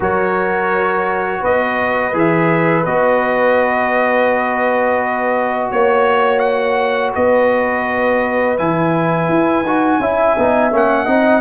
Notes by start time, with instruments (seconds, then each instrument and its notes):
0.00 tuba F#3, trombone F#4, horn A#4, trumpet C#5
1.41 tuba B3, horn B4, trumpet D#5
2.13 tuba E3, trombone G#4, trumpet E5
2.85 tuba B3, trombone F#4, trumpet D#5
5.71 tuba A#3, trumpet C#5, horn C#5
6.39 trumpet F#5
7.14 tuba B3, horn B4, trumpet D#5
8.57 tuba E3, trombone E4, trumpet G#5
9.28 tuba E4
9.61 tuba D#4, trombone F#4
9.99 tuba C#4, trombone E4, horn E5
10.37 tuba B3, trombone D#4
10.71 tuba A#3, trombone C#4, trumpet F#5
11.05 tuba C4, trombone D#4, horn D#5